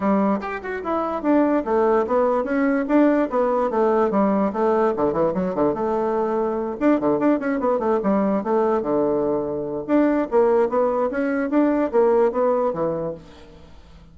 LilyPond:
\new Staff \with { instrumentName = "bassoon" } { \time 4/4 \tempo 4 = 146 g4 g'8 fis'8 e'4 d'4 | a4 b4 cis'4 d'4 | b4 a4 g4 a4 | d8 e8 fis8 d8 a2~ |
a8 d'8 d8 d'8 cis'8 b8 a8 g8~ | g8 a4 d2~ d8 | d'4 ais4 b4 cis'4 | d'4 ais4 b4 e4 | }